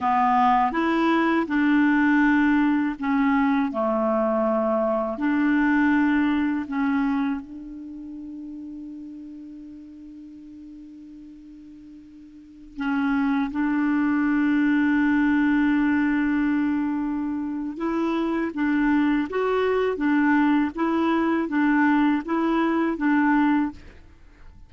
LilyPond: \new Staff \with { instrumentName = "clarinet" } { \time 4/4 \tempo 4 = 81 b4 e'4 d'2 | cis'4 a2 d'4~ | d'4 cis'4 d'2~ | d'1~ |
d'4~ d'16 cis'4 d'4.~ d'16~ | d'1 | e'4 d'4 fis'4 d'4 | e'4 d'4 e'4 d'4 | }